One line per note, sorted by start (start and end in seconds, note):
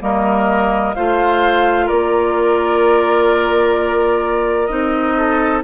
0.00 0.95 G3
0.00 0.94 A#3
0.00 0.95 A#4
0.00 0.94 D#5
0.94 1.90 A3
0.94 4.69 F4
0.94 1.86 C5
0.94 1.88 F5
1.86 4.70 A#3
1.86 5.14 A#4
1.86 4.66 D5
4.66 5.63 C4
4.66 5.62 D#4
4.66 5.60 D#5
5.16 5.63 A4